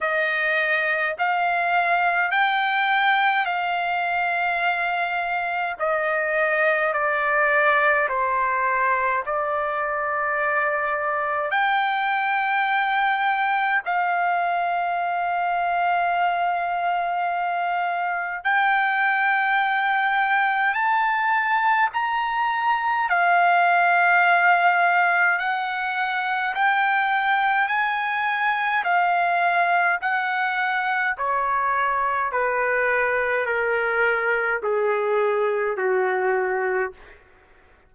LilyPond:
\new Staff \with { instrumentName = "trumpet" } { \time 4/4 \tempo 4 = 52 dis''4 f''4 g''4 f''4~ | f''4 dis''4 d''4 c''4 | d''2 g''2 | f''1 |
g''2 a''4 ais''4 | f''2 fis''4 g''4 | gis''4 f''4 fis''4 cis''4 | b'4 ais'4 gis'4 fis'4 | }